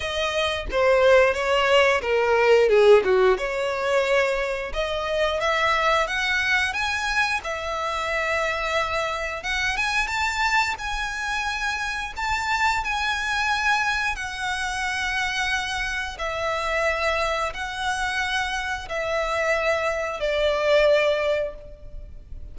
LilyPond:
\new Staff \with { instrumentName = "violin" } { \time 4/4 \tempo 4 = 89 dis''4 c''4 cis''4 ais'4 | gis'8 fis'8 cis''2 dis''4 | e''4 fis''4 gis''4 e''4~ | e''2 fis''8 gis''8 a''4 |
gis''2 a''4 gis''4~ | gis''4 fis''2. | e''2 fis''2 | e''2 d''2 | }